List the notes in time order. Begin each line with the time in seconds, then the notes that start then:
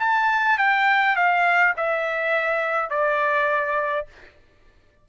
0.00 A5
0.58 G5
1.16 F5
1.77 E5
2.90 D5